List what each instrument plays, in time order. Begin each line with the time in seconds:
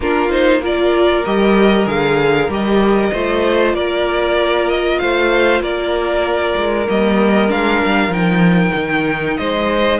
0.00 cello A#3, viola D4, violin F4 A#4
0.29 viola D#4, violin C5
0.62 viola F4, violin A#4 D5
1.25 cello G3, viola G4, violin D#5
1.86 cello D3, viola G#4, violin F5
2.48 cello G3, viola G4, violin D#5
3.12 cello A3, viola F4, violin C5
3.74 cello A#3, violin A#4 D5
4.68 violin D#5
4.99 cello A3, violin C5 F5
5.60 cello A#3, violin A#4 D5
6.56 cello G#3
6.86 cello G3, viola A#3, violin D#5
7.48 cello G#3, viola D4, violin F5
7.85 cello G3
8.08 cello F3, viola D#4, violin G5
8.75 cello D#3
9.37 cello G#3, violin C5 D#5